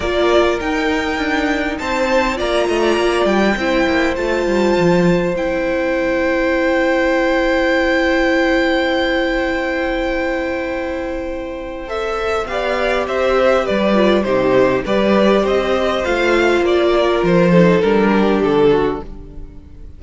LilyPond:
<<
  \new Staff \with { instrumentName = "violin" } { \time 4/4 \tempo 4 = 101 d''4 g''2 a''4 | ais''4. g''4. a''4~ | a''4 g''2.~ | g''1~ |
g''1 | e''4 f''4 e''4 d''4 | c''4 d''4 dis''4 f''4 | d''4 c''4 ais'4 a'4 | }
  \new Staff \with { instrumentName = "violin" } { \time 4/4 ais'2. c''4 | d''8 dis''16 d''4~ d''16 c''2~ | c''1~ | c''1~ |
c''1~ | c''4 d''4 c''4 b'4 | g'4 b'4 c''2~ | c''8 ais'4 a'4 g'4 fis'8 | }
  \new Staff \with { instrumentName = "viola" } { \time 4/4 f'4 dis'2. | f'2 e'4 f'4~ | f'4 e'2.~ | e'1~ |
e'1 | a'4 g'2~ g'8 f'8 | dis'4 g'2 f'4~ | f'4. dis'8 d'2 | }
  \new Staff \with { instrumentName = "cello" } { \time 4/4 ais4 dis'4 d'4 c'4 | ais8 a8 ais8 g8 c'8 ais8 a8 g8 | f4 c'2.~ | c'1~ |
c'1~ | c'4 b4 c'4 g4 | c4 g4 c'4 a4 | ais4 f4 g4 d4 | }
>>